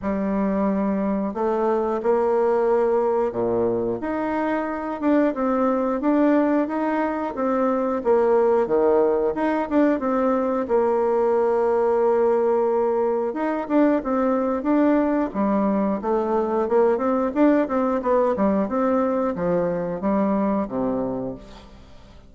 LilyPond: \new Staff \with { instrumentName = "bassoon" } { \time 4/4 \tempo 4 = 90 g2 a4 ais4~ | ais4 ais,4 dis'4. d'8 | c'4 d'4 dis'4 c'4 | ais4 dis4 dis'8 d'8 c'4 |
ais1 | dis'8 d'8 c'4 d'4 g4 | a4 ais8 c'8 d'8 c'8 b8 g8 | c'4 f4 g4 c4 | }